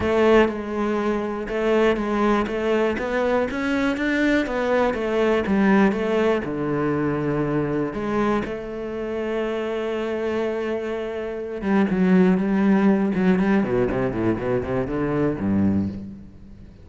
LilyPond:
\new Staff \with { instrumentName = "cello" } { \time 4/4 \tempo 4 = 121 a4 gis2 a4 | gis4 a4 b4 cis'4 | d'4 b4 a4 g4 | a4 d2. |
gis4 a2.~ | a2.~ a8 g8 | fis4 g4. fis8 g8 b,8 | c8 a,8 b,8 c8 d4 g,4 | }